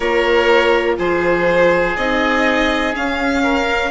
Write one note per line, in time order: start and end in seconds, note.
0.00 0.98 A#3
0.00 1.97 F4
0.00 0.95 A#4
0.00 0.95 C#5
0.98 1.96 F3
0.98 3.43 G#4
0.98 1.96 C5
1.96 2.95 C4
1.96 2.93 D#4
1.96 2.94 D#5
2.93 3.90 C#4
2.93 3.90 F5
3.43 3.90 A#4